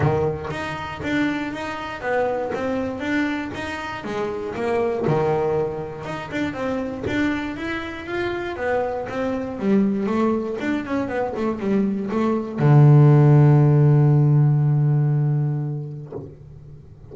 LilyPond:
\new Staff \with { instrumentName = "double bass" } { \time 4/4 \tempo 4 = 119 dis4 dis'4 d'4 dis'4 | b4 c'4 d'4 dis'4 | gis4 ais4 dis2 | dis'8 d'8 c'4 d'4 e'4 |
f'4 b4 c'4 g4 | a4 d'8 cis'8 b8 a8 g4 | a4 d2.~ | d1 | }